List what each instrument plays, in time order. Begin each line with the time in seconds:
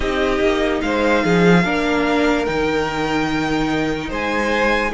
0.00 cello C4, viola D#4, violin G4 D#5
0.40 cello A#3
0.81 cello G#3, violin C5 F5
1.24 cello F3, violin G#4
1.64 cello A#3, viola D4, violin A#4
2.45 cello D#3, viola D#4, violin G5
4.09 cello G#3, violin C5 G#5